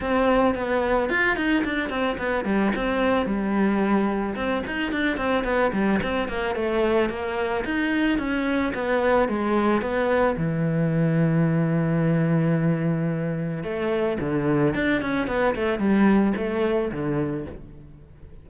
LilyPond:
\new Staff \with { instrumentName = "cello" } { \time 4/4 \tempo 4 = 110 c'4 b4 f'8 dis'8 d'8 c'8 | b8 g8 c'4 g2 | c'8 dis'8 d'8 c'8 b8 g8 c'8 ais8 | a4 ais4 dis'4 cis'4 |
b4 gis4 b4 e4~ | e1~ | e4 a4 d4 d'8 cis'8 | b8 a8 g4 a4 d4 | }